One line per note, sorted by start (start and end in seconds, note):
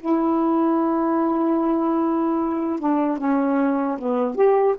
0.00 2.80 E4
2.80 3.19 D4
3.19 3.99 C#4
3.99 4.36 B3
4.36 4.76 G4